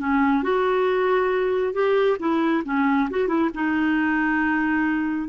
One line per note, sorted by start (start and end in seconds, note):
0.00 0.43 C#4
0.43 1.74 F#4
1.74 2.18 G4
2.20 2.64 E4
2.65 3.09 C#4
3.11 3.28 F#4
3.28 3.50 E4
3.55 5.29 D#4